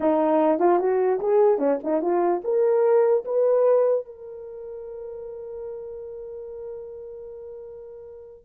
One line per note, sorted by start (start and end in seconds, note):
0.00 0.59 D#4
0.59 0.79 F4
0.79 1.19 F#4
1.20 1.58 G#4
1.58 1.78 C#4
1.83 2.01 D#4
2.01 2.41 F4
2.44 3.24 A#4
3.25 4.05 B4
4.05 8.45 A#4